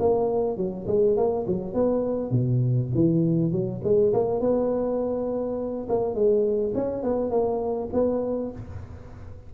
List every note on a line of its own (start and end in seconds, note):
0.00 0.57 A#3
0.57 0.87 F#3
0.87 1.17 G#3
1.17 1.46 A#3
1.47 1.74 F#3
1.74 2.32 B3
2.32 2.90 B2
2.95 3.52 E3
3.52 3.82 F#3
3.84 4.14 G#3
4.14 4.41 A#3
4.41 5.88 B3
5.89 6.15 A#3
6.15 6.74 G#3
6.75 7.03 C#4
7.03 7.31 B3
7.31 7.90 A#3
7.93 8.52 B3